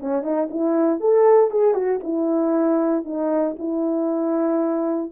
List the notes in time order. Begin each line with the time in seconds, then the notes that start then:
0.00 C#4
0.23 D#4
0.51 E4
1.00 A4
1.51 G#4
1.75 F#4
2.04 E4
3.05 D#4
3.59 E4